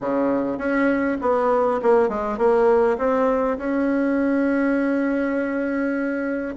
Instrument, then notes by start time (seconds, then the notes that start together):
bassoon
0.00 C#3
0.58 C#4
1.21 B3
1.82 A#3
2.08 G#3
2.38 A#3
2.98 C4
3.58 C#4